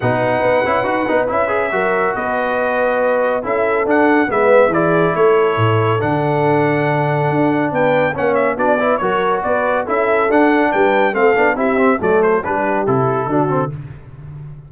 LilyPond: <<
  \new Staff \with { instrumentName = "trumpet" } { \time 4/4 \tempo 4 = 140 fis''2. e''4~ | e''4 dis''2. | e''4 fis''4 e''4 d''4 | cis''2 fis''2~ |
fis''2 g''4 fis''8 e''8 | d''4 cis''4 d''4 e''4 | fis''4 g''4 f''4 e''4 | d''8 c''8 b'4 a'2 | }
  \new Staff \with { instrumentName = "horn" } { \time 4/4 b'1 | ais'4 b'2. | a'2 b'4 gis'4 | a'1~ |
a'2 b'4 cis''4 | fis'8 b'8 ais'4 b'4 a'4~ | a'4 b'4 a'4 g'4 | a'4 g'2 fis'4 | }
  \new Staff \with { instrumentName = "trombone" } { \time 4/4 dis'4. e'8 fis'8 dis'8 e'8 gis'8 | fis'1 | e'4 d'4 b4 e'4~ | e'2 d'2~ |
d'2. cis'4 | d'8 e'8 fis'2 e'4 | d'2 c'8 d'8 e'8 c'8 | a4 d'4 e'4 d'8 c'8 | }
  \new Staff \with { instrumentName = "tuba" } { \time 4/4 b,4 b8 cis'8 dis'8 b8 cis'4 | fis4 b2. | cis'4 d'4 gis4 e4 | a4 a,4 d2~ |
d4 d'4 b4 ais4 | b4 fis4 b4 cis'4 | d'4 g4 a8 b8 c'4 | fis4 g4 c4 d4 | }
>>